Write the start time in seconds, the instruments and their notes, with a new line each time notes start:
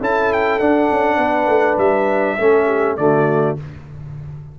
0.00 tuba C#4, trombone E4, horn A4, trumpet A5
0.32 trumpet G5
0.59 tuba D4, trombone D4, trumpet F#5
0.91 tuba C#4
1.16 tuba B3, horn B4
1.47 tuba A3
1.77 tuba G3, trumpet E5
2.39 tuba A3, trombone C#4, horn A4
2.66 horn G4
2.96 tuba D3, trombone A3, horn F#4, trumpet D5